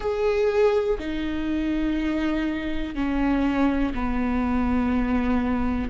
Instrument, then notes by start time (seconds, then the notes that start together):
viola
0.00 G#4
0.98 D#4
2.95 C#4
3.93 B3